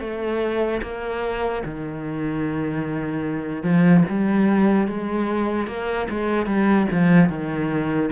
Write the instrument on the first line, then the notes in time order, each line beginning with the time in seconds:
cello
0.00 A3
0.82 A#3
1.65 D#3
3.63 F3
4.09 G3
4.88 G#3
5.67 A#3
6.10 G#3
6.46 G3
6.91 F3
7.29 D#3